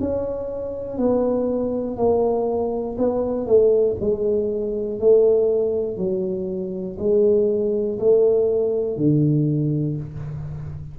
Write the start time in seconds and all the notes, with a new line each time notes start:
0.00 C#4
0.97 B3
1.96 A#3
2.98 B3
3.46 A3
4.00 G#3
4.99 A3
5.97 F#3
6.98 G#3
7.99 A3
8.97 D3